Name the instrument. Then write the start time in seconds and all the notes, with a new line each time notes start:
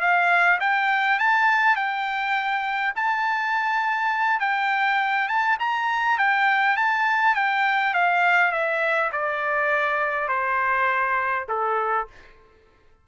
trumpet
0.00 F5
0.60 G5
1.18 A5
1.75 G5
2.95 A5
4.39 G5
5.28 A5
5.59 A#5
6.18 G5
6.76 A5
7.35 G5
7.94 F5
8.51 E5
9.12 D5
10.28 C5
11.48 A4